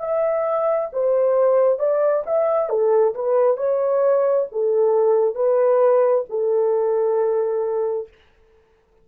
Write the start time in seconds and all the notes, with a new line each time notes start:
0.00 E5
0.93 C5
1.79 D5
2.26 E5
2.69 A4
3.15 B4
3.57 C#5
4.52 A4
5.35 B4
6.29 A4